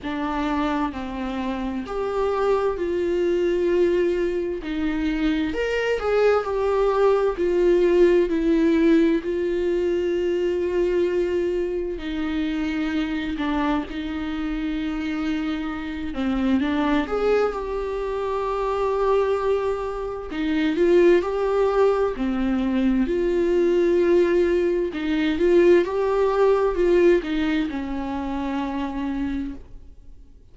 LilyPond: \new Staff \with { instrumentName = "viola" } { \time 4/4 \tempo 4 = 65 d'4 c'4 g'4 f'4~ | f'4 dis'4 ais'8 gis'8 g'4 | f'4 e'4 f'2~ | f'4 dis'4. d'8 dis'4~ |
dis'4. c'8 d'8 gis'8 g'4~ | g'2 dis'8 f'8 g'4 | c'4 f'2 dis'8 f'8 | g'4 f'8 dis'8 cis'2 | }